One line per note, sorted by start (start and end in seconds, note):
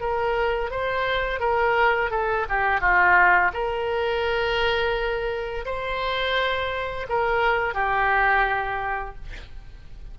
0.00 0.71 A#4
0.71 1.40 C5
1.40 2.10 A#4
2.10 2.46 A4
2.49 2.80 G4
2.80 3.51 F4
3.53 5.65 A#4
5.65 7.07 C5
7.09 7.74 A#4
7.74 9.15 G4